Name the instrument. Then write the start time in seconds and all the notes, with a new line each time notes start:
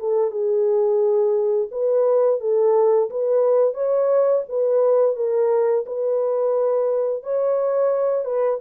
horn
0.00 A4
0.31 G#4
1.71 B4
2.41 A4
3.10 B4
3.74 C#5
4.49 B4
5.16 A#4
5.86 B4
7.24 C#5
8.25 B4